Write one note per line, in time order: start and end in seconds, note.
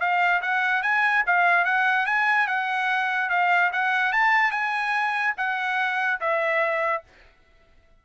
0.00 0.41 F5
0.42 0.83 F#5
0.83 1.24 G#5
1.26 1.65 F5
1.65 2.06 F#5
2.06 2.47 G#5
2.47 3.30 F#5
3.30 3.71 F5
3.72 4.12 F#5
4.12 4.51 A5
4.51 5.34 G#5
5.37 6.20 F#5
6.20 7.03 E5